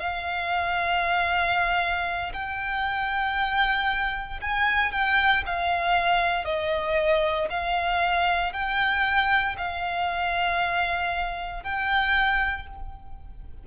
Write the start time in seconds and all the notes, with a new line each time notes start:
0.00 F5
2.34 G5
4.42 G#5
4.92 G5
5.46 F5
6.45 D#5
7.50 F5
8.53 G5
9.58 F5
11.64 G5